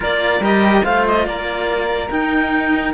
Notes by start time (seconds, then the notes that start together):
0.00 A#3 F4 A#4 D5
0.40 G3 G4 D#5
0.83 A3 F4 C5 F5
1.07 D#5
1.25 A#3 A#4 D5
2.10 D#4 G5